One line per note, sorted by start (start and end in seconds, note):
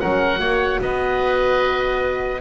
0.00 0.39 F#3
0.00 0.38 C#4
0.00 0.40 A#4
0.00 0.81 F#5
0.38 0.80 A#3
0.38 2.41 F#4
0.38 0.81 C#5
0.81 2.41 B3
0.81 2.41 B4
0.81 2.41 D#5